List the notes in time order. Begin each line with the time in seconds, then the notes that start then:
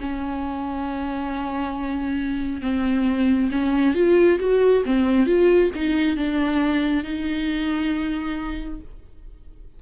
0.00 C#4
2.61 C4
3.51 C#4
3.95 F4
4.40 F#4
4.85 C4
5.26 F4
5.75 D#4
6.16 D4
7.04 D#4